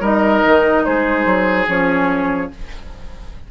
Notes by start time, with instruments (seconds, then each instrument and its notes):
0.00 bassoon G3, clarinet D#4, oboe A#4, flute D#5
0.46 bassoon D#3
0.85 bassoon G#3, oboe G#4, flute C5
1.25 bassoon F#3
1.67 bassoon F3, clarinet C#4, flute C#5